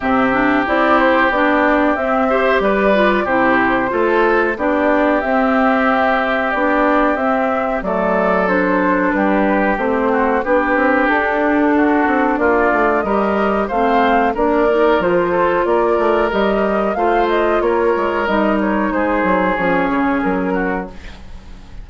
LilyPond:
<<
  \new Staff \with { instrumentName = "flute" } { \time 4/4 \tempo 4 = 92 e''4 d''8 c''8 d''4 e''4 | d''4 c''2 d''4 | e''2 d''4 e''4 | d''4 c''4 b'4 c''4 |
b'4 a'2 d''4 | dis''4 f''4 d''4 c''4 | d''4 dis''4 f''8 dis''8 cis''4 | dis''8 cis''8 c''4 cis''4 ais'4 | }
  \new Staff \with { instrumentName = "oboe" } { \time 4/4 g'2.~ g'8 c''8 | b'4 g'4 a'4 g'4~ | g'1 | a'2 g'4. fis'8 |
g'2 fis'4 f'4 | ais'4 c''4 ais'4. a'8 | ais'2 c''4 ais'4~ | ais'4 gis'2~ gis'8 fis'8 | }
  \new Staff \with { instrumentName = "clarinet" } { \time 4/4 c'8 d'8 e'4 d'4 c'8 g'8~ | g'8 f'8 e'4 f'4 d'4 | c'2 d'4 c'4 | a4 d'2 c'4 |
d'1 | g'4 c'4 d'8 dis'8 f'4~ | f'4 g'4 f'2 | dis'2 cis'2 | }
  \new Staff \with { instrumentName = "bassoon" } { \time 4/4 c4 c'4 b4 c'4 | g4 c4 a4 b4 | c'2 b4 c'4 | fis2 g4 a4 |
b8 c'8 d'4. c'8 ais8 a8 | g4 a4 ais4 f4 | ais8 a8 g4 a4 ais8 gis8 | g4 gis8 fis8 f8 cis8 fis4 | }
>>